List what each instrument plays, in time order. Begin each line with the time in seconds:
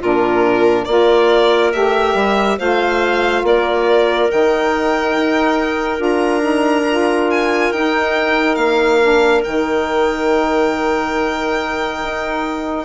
0.00 bassoon A#2, saxophone D4, clarinet F4, violin A#4
0.85 bassoon A#3, saxophone F4, clarinet A#4, violin D5
1.73 bassoon A3, saxophone G4, violin E5
2.15 bassoon G3
2.58 bassoon A3, saxophone F4, clarinet C5, violin F5
3.44 bassoon A#3, clarinet A#4, violin D5
4.30 bassoon D#3, saxophone D#4, violin G5
5.16 bassoon D#4
5.98 bassoon D4, saxophone F4, violin A#5
6.41 saxophone D#4
6.89 saxophone F4
7.31 violin G#5
7.73 bassoon D#4, saxophone D#4, violin G5
8.56 bassoon A#3, violin F5
9.02 saxophone D4
9.44 bassoon D#3, saxophone D#4, violin G5
12.03 bassoon D#4